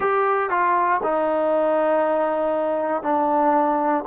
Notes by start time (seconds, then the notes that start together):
0.00 G4
0.49 F4
1.03 D#4
3.02 D4